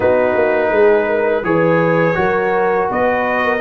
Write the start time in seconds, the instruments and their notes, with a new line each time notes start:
0.00 tuba B3, trombone D#4, horn F#4, trumpet B4
0.35 tuba A#3
0.71 tuba G#3, horn G#4
1.07 horn A#4
1.43 tuba E3, trombone G#4, horn B4, trumpet C#5
2.14 tuba F#3, trombone F#4, horn A#4
2.90 tuba B3, horn B4, trumpet D#5
3.44 horn A#4